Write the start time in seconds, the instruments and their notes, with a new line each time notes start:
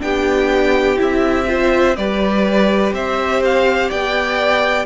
0.00 cello B3, viola D4, violin G4 G5
0.97 cello C4, viola E4, violin E5
1.48 viola F4, violin C5
1.97 cello G3, viola G4, violin B4 D5
2.93 cello C4, violin C5 E5
3.45 violin F5
3.90 cello B3, violin D5 G5